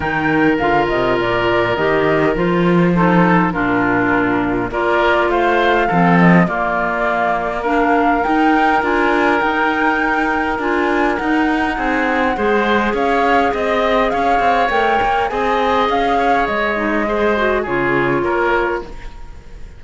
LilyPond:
<<
  \new Staff \with { instrumentName = "flute" } { \time 4/4 \tempo 4 = 102 g''4 f''8 dis''8 d''4 dis''4 | c''2 ais'2 | d''4 f''4. dis''8 d''4~ | d''4 f''4 g''4 gis''4 |
g''2 gis''4 fis''4~ | fis''2 f''4 dis''4 | f''4 g''4 gis''4 f''4 | dis''2 cis''2 | }
  \new Staff \with { instrumentName = "oboe" } { \time 4/4 ais'1~ | ais'4 a'4 f'2 | ais'4 c''4 a'4 f'4~ | f'4 ais'2.~ |
ais'1 | gis'4 c''4 cis''4 dis''4 | cis''2 dis''4. cis''8~ | cis''4 c''4 gis'4 ais'4 | }
  \new Staff \with { instrumentName = "clarinet" } { \time 4/4 dis'4 f'2 g'4 | f'4 dis'4 d'2 | f'2 c'4 ais4~ | ais4 d'4 dis'4 f'4 |
dis'2 f'4 dis'4~ | dis'4 gis'2.~ | gis'4 ais'4 gis'2~ | gis'8 dis'8 gis'8 fis'8 f'2 | }
  \new Staff \with { instrumentName = "cello" } { \time 4/4 dis4 d8 c8 ais,4 dis4 | f2 ais,2 | ais4 a4 f4 ais4~ | ais2 dis'4 d'4 |
dis'2 d'4 dis'4 | c'4 gis4 cis'4 c'4 | cis'8 c'8 a8 ais8 c'4 cis'4 | gis2 cis4 ais4 | }
>>